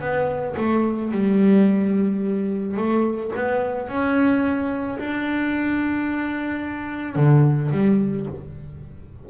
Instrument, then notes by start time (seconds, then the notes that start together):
double bass
0.00 B3
0.57 A3
1.12 G3
2.76 A3
3.36 B3
3.88 C#4
4.99 D4
7.16 D3
7.71 G3